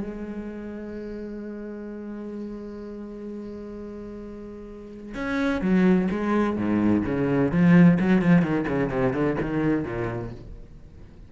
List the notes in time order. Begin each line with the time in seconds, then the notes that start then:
0.00 G#3
5.15 C#4
5.61 F#3
6.11 G#3
6.56 G#2
7.05 C#3
7.51 F3
8.00 F#3
8.22 F3
8.42 D#3
8.68 C#3
8.90 C3
9.13 D3
9.41 D#3
9.85 A#2